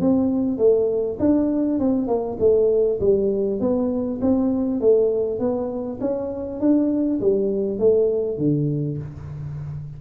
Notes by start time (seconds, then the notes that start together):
0.00 C4
0.58 A3
1.19 D4
1.79 C4
2.07 A#3
2.39 A3
3.00 G3
3.60 B3
4.21 C4
4.81 A3
5.39 B3
6.01 C#4
6.60 D4
7.21 G3
7.79 A3
8.38 D3